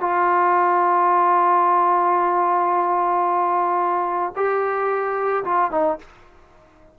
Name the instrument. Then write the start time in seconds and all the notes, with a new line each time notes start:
trombone
0.00 F4
4.36 G4
5.44 F4
5.71 D#4